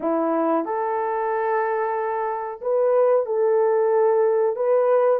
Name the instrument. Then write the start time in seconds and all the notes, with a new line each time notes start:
horn
0.00 E4
0.65 A4
2.61 B4
3.25 A4
4.56 B4